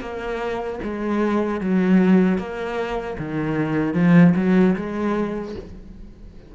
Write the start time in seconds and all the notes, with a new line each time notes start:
0.00 A#3
0.83 G#3
1.60 F#3
2.38 A#3
3.18 D#3
3.93 F3
4.36 F#3
4.75 G#3